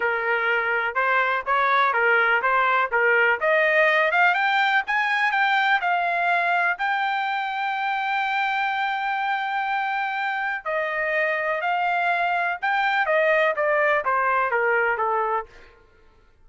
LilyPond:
\new Staff \with { instrumentName = "trumpet" } { \time 4/4 \tempo 4 = 124 ais'2 c''4 cis''4 | ais'4 c''4 ais'4 dis''4~ | dis''8 f''8 g''4 gis''4 g''4 | f''2 g''2~ |
g''1~ | g''2 dis''2 | f''2 g''4 dis''4 | d''4 c''4 ais'4 a'4 | }